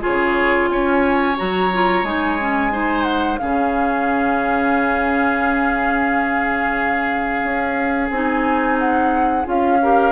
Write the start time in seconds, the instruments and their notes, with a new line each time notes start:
0.00 clarinet F4, oboe G#4, flute C#5
0.07 bassoon C#3
0.69 bassoon C#4, oboe C#5, flute G#5
1.36 bassoon F#3, clarinet F#4, flute A#5
1.73 clarinet F4
2.04 bassoon G#3, clarinet D#4, flute G#5
2.39 clarinet C#4
2.71 clarinet D#4, oboe C5
3.03 flute F#5
3.37 bassoon C#3, clarinet C#4, oboe G#4, flute F5
7.43 bassoon C#4
8.10 bassoon C4, clarinet D#4, flute G#5
8.79 flute F#5
9.44 bassoon C#4, clarinet F4, flute F5
9.82 clarinet G4, oboe A#4